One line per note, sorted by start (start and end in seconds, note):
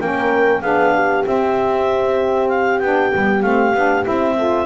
0.00 0.62 A#3
0.00 0.62 C#4
0.00 0.62 A#4
0.00 0.61 G5
0.61 1.25 B3
0.61 1.24 D4
0.61 0.94 G#4
0.61 1.24 F5
0.95 4.38 G4
1.24 2.81 C4
1.24 2.82 C4
1.24 2.49 E5
2.49 2.80 F5
2.80 3.13 B3
2.80 3.12 D4
2.80 3.42 G5
3.12 3.43 G3
3.12 3.43 B3
3.42 3.75 A3
3.42 3.74 C4
3.42 4.05 F5
3.75 4.06 B3
3.75 4.04 D4
4.04 4.67 C4
4.04 4.36 E4
4.04 4.67 E5
4.38 4.67 F4
4.38 4.67 A4